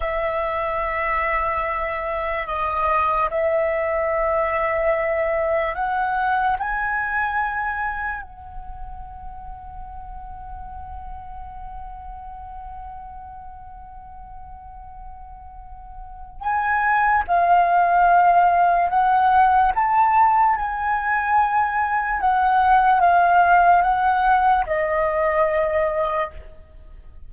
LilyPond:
\new Staff \with { instrumentName = "flute" } { \time 4/4 \tempo 4 = 73 e''2. dis''4 | e''2. fis''4 | gis''2 fis''2~ | fis''1~ |
fis''1 | gis''4 f''2 fis''4 | a''4 gis''2 fis''4 | f''4 fis''4 dis''2 | }